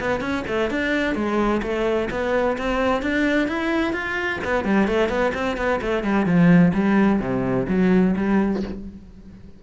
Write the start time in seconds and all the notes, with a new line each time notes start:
0.00 B3
0.20 C#4
0.47 A3
0.70 D4
1.14 G#3
1.62 A3
2.10 B3
2.57 C4
3.02 D4
3.48 E4
3.92 F4
4.44 B3
4.64 G3
4.87 A3
5.08 B3
5.34 C4
5.57 B3
5.81 A3
6.03 G3
6.25 F3
6.74 G3
7.20 C3
7.68 F#3
8.16 G3